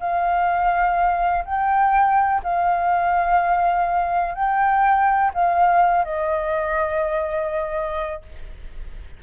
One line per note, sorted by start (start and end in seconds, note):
0.00 1.45 F5
1.46 2.42 G5
2.44 4.35 F5
4.35 5.32 G5
5.34 6.05 F5
6.05 8.23 D#5